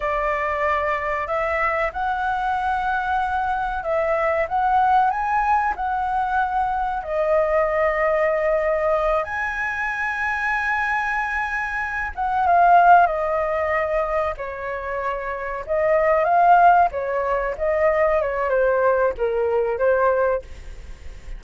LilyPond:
\new Staff \with { instrumentName = "flute" } { \time 4/4 \tempo 4 = 94 d''2 e''4 fis''4~ | fis''2 e''4 fis''4 | gis''4 fis''2 dis''4~ | dis''2~ dis''8 gis''4.~ |
gis''2. fis''8 f''8~ | f''8 dis''2 cis''4.~ | cis''8 dis''4 f''4 cis''4 dis''8~ | dis''8 cis''8 c''4 ais'4 c''4 | }